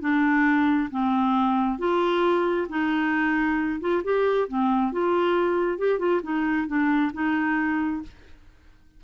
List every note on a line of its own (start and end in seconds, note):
0.00 0.89 D4
0.90 1.78 C4
1.78 2.67 F4
2.68 3.80 D#4
3.80 4.02 F4
4.03 4.48 G4
4.48 4.92 C4
4.92 5.78 F4
5.78 5.98 G4
5.98 6.21 F4
6.23 6.67 D#4
6.67 7.12 D4
7.13 8.02 D#4